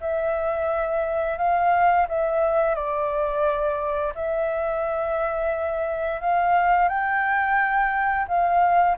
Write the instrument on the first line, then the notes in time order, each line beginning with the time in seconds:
flute
0.00 E5
1.38 F5
2.08 E5
2.75 D5
4.14 E5
6.21 F5
6.88 G5
8.28 F5